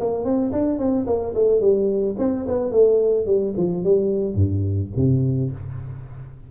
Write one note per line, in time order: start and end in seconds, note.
0.00 0.24 A#3
0.24 0.52 C4
0.52 0.79 D4
0.79 1.06 C4
1.06 1.34 A#3
1.35 1.61 A3
1.61 2.16 G3
2.18 2.46 C4
2.48 2.71 B3
2.71 3.26 A3
3.26 3.54 G3
3.57 3.84 F3
3.84 4.35 G3
4.35 4.90 G2
4.96 5.51 C3